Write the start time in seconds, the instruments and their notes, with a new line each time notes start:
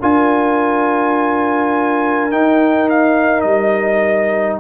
0.00 tuba D4, trombone F4, horn A#4, trumpet G#5
2.31 trombone D#4, tuba D#4, trumpet G5
2.90 trumpet F5
3.41 tuba G3, trumpet D#5